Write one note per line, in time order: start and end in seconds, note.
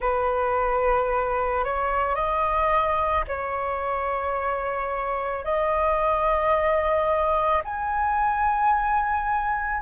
0.00 1.64 B4
1.64 2.15 C#5
2.15 3.24 D#5
3.27 5.44 C#5
5.44 7.62 D#5
7.64 9.82 G#5